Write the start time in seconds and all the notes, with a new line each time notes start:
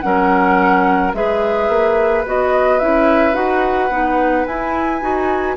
0.00 F#3 C#4 A#4 F#5
1.13 G#3 G#4 B4 E5
1.68 A#3
2.25 B3 F#4 D#5
2.78 C#4 E4 E5
3.33 D#4 F#4 F#5
3.89 B3 D#4
4.45 E4 G#5
5.01 D#4 F#4